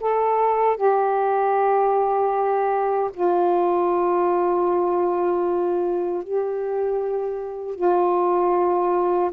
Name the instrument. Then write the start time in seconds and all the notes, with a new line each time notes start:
saxophone
0.00 A4
0.77 G4
3.14 F4
6.23 G4
7.75 F4